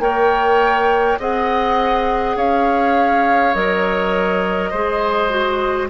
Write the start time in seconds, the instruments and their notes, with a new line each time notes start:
0.00 bassoon A#3, clarinet A#4, oboe C#5, flute G5
1.20 bassoon C4, clarinet G#4, oboe D#5, flute F#5
2.37 bassoon C#4, oboe C#5, flute F5
3.55 bassoon F#3, clarinet A#4, flute D#5
4.71 bassoon G#3, clarinet G#4, oboe C5
5.30 clarinet F#4